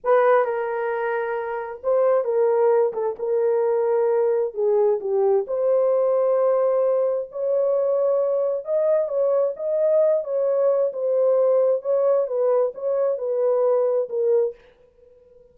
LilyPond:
\new Staff \with { instrumentName = "horn" } { \time 4/4 \tempo 4 = 132 b'4 ais'2. | c''4 ais'4. a'8 ais'4~ | ais'2 gis'4 g'4 | c''1 |
cis''2. dis''4 | cis''4 dis''4. cis''4. | c''2 cis''4 b'4 | cis''4 b'2 ais'4 | }